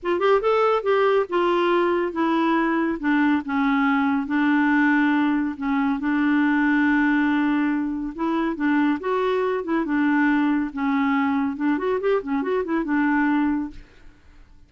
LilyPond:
\new Staff \with { instrumentName = "clarinet" } { \time 4/4 \tempo 4 = 140 f'8 g'8 a'4 g'4 f'4~ | f'4 e'2 d'4 | cis'2 d'2~ | d'4 cis'4 d'2~ |
d'2. e'4 | d'4 fis'4. e'8 d'4~ | d'4 cis'2 d'8 fis'8 | g'8 cis'8 fis'8 e'8 d'2 | }